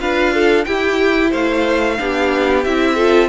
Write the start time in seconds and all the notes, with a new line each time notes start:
0.00 D4 F4 B4 F5
0.34 A4
0.65 E4 G4 G5
1.31 A3 C5 F5
1.98 B3 D4 G4
2.64 C4 E4 E5
2.96 F4 A4